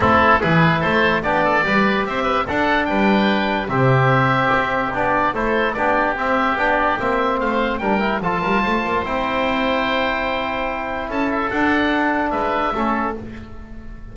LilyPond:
<<
  \new Staff \with { instrumentName = "oboe" } { \time 4/4 \tempo 4 = 146 a'4 b'4 c''4 d''4~ | d''4 e''4 fis''4 g''4~ | g''4 e''2. | d''4 c''4 d''4 e''4 |
g''16 d''8. e''4 f''4 g''4 | a''2 g''2~ | g''2. a''8 e''8 | fis''2 e''2 | }
  \new Staff \with { instrumentName = "oboe" } { \time 4/4 e'4 gis'4 a'4 g'8 a'8 | b'4 c''8 b'8 a'4 b'4~ | b'4 g'2.~ | g'4 a'4 g'2~ |
g'2 c''4 ais'4 | a'8 ais'8 c''2.~ | c''2. a'4~ | a'2 b'4 a'4 | }
  \new Staff \with { instrumentName = "trombone" } { \time 4/4 c'4 e'2 d'4 | g'2 d'2~ | d'4 c'2. | d'4 e'4 d'4 c'4 |
d'4 c'2 d'8 e'8 | f'2 e'2~ | e'1 | d'2. cis'4 | }
  \new Staff \with { instrumentName = "double bass" } { \time 4/4 a4 e4 a4 b4 | g4 c'4 d'4 g4~ | g4 c2 c'4 | b4 a4 b4 c'4 |
b4 ais4 a4 g4 | f8 g8 a8 ais8 c'2~ | c'2. cis'4 | d'2 gis4 a4 | }
>>